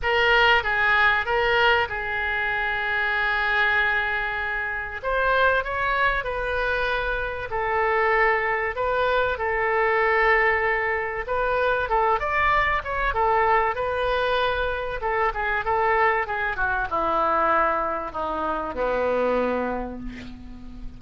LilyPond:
\new Staff \with { instrumentName = "oboe" } { \time 4/4 \tempo 4 = 96 ais'4 gis'4 ais'4 gis'4~ | gis'1 | c''4 cis''4 b'2 | a'2 b'4 a'4~ |
a'2 b'4 a'8 d''8~ | d''8 cis''8 a'4 b'2 | a'8 gis'8 a'4 gis'8 fis'8 e'4~ | e'4 dis'4 b2 | }